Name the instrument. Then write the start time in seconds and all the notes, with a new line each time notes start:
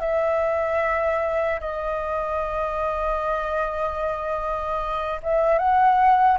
flute
0.00 E5
1.60 D#5
5.23 E5
5.58 F#5